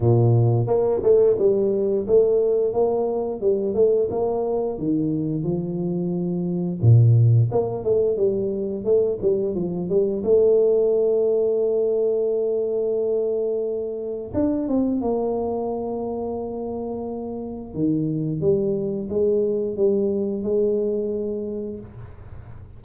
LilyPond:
\new Staff \with { instrumentName = "tuba" } { \time 4/4 \tempo 4 = 88 ais,4 ais8 a8 g4 a4 | ais4 g8 a8 ais4 dis4 | f2 ais,4 ais8 a8 | g4 a8 g8 f8 g8 a4~ |
a1~ | a4 d'8 c'8 ais2~ | ais2 dis4 g4 | gis4 g4 gis2 | }